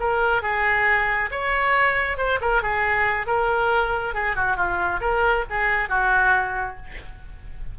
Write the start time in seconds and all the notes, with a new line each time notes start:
0.00 A#4
0.43 G#4
1.31 C#5
2.18 C5
2.41 A#4
2.62 G#4
3.27 A#4
4.14 G#4
4.36 F#4
4.57 F4
5.01 A#4
5.50 G#4
5.89 F#4